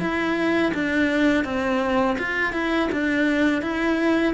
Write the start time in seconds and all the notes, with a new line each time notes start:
0.00 E4
0.74 D4
1.45 C4
2.19 F4
2.53 E4
2.92 D4
3.62 E4